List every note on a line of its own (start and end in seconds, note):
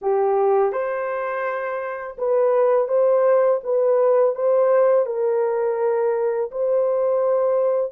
0.01 0.72 G4
0.72 2.17 C5
2.18 2.88 B4
2.88 3.60 C5
3.63 4.35 B4
4.35 5.06 C5
5.06 6.50 A#4
6.51 7.92 C5